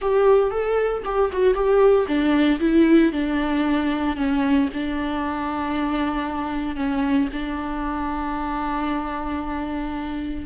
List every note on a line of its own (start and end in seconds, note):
0.01 0.51 G4
0.51 1.03 A4
1.04 1.30 G4
1.32 1.54 F#4
1.54 2.06 G4
2.07 2.59 D4
2.60 3.12 E4
3.12 4.16 D4
4.16 4.68 C#4
4.73 6.76 D4
6.76 7.28 C#4
7.32 10.45 D4